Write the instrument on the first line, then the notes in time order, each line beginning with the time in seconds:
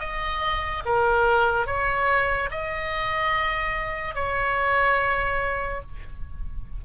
oboe
0.00 D#5
0.86 A#4
1.67 C#5
2.51 D#5
4.15 C#5